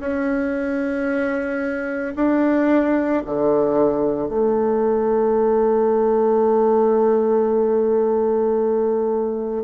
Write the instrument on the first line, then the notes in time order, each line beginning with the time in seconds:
bassoon
0.00 C#4
2.16 D4
3.26 D3
4.29 A3